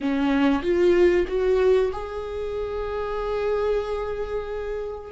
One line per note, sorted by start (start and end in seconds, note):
0.00 0.62 C#4
0.62 1.26 F4
1.27 1.91 F#4
1.92 5.11 G#4